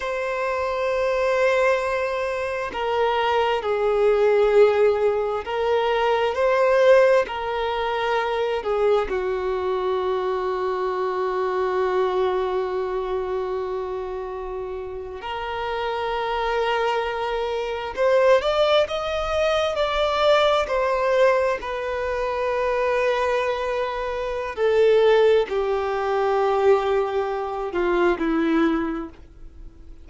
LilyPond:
\new Staff \with { instrumentName = "violin" } { \time 4/4 \tempo 4 = 66 c''2. ais'4 | gis'2 ais'4 c''4 | ais'4. gis'8 fis'2~ | fis'1~ |
fis'8. ais'2. c''16~ | c''16 d''8 dis''4 d''4 c''4 b'16~ | b'2. a'4 | g'2~ g'8 f'8 e'4 | }